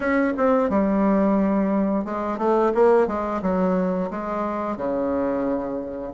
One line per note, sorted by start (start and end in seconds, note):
0.00 0.33 C#4
0.37 0.69 C4
0.69 2.05 G3
2.05 2.38 G#3
2.38 2.72 A3
2.74 3.07 A#3
3.07 3.41 G#3
3.42 4.10 F#3
4.10 4.76 G#3
4.76 6.13 C#3